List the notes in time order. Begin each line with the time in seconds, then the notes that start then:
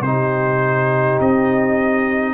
0.00 C3 D#4 G4 C5
1.20 C4 D#5